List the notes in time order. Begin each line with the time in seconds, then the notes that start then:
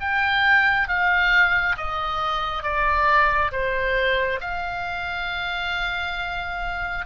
0.00 G5
0.88 F5
1.77 D#5
2.63 D5
3.52 C5
4.40 F5